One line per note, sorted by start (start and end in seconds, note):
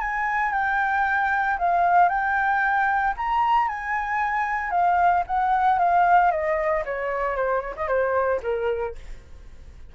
0.00 0.52 G#5
0.52 1.58 G5
1.58 2.09 F5
2.09 3.14 G5
3.17 3.68 A#5
3.68 4.71 G#5
4.71 5.23 F5
5.27 5.79 F#5
5.79 6.31 F5
6.31 6.84 D#5
6.85 7.36 C#5
7.36 7.61 C5
7.61 7.74 C#5
7.76 7.88 D#5
7.88 8.40 C5
8.42 8.95 A#4